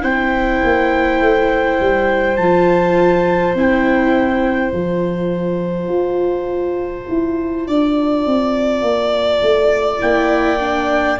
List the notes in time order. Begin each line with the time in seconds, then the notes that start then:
0.00 C4 E4 C5 G5
0.63 A#3
1.20 A3
1.80 G3
2.36 F3 F4 A5
3.54 C4 E4 G5
4.72 F3 F4 A5
5.88 F4
7.08 E4
7.67 D4 D5
8.26 C4
8.82 A#3
9.42 A3
10.00 A#3 E4 G5
10.59 D4